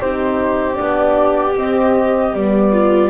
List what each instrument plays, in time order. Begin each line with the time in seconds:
0.00 double bass C4, horn D#4, viola G4, flute C5
0.74 double bass B3, horn D4, flute D5
1.57 horn C4, double bass C4, flute D#5
2.33 double bass G3, horn B3, flute D5
2.73 viola F4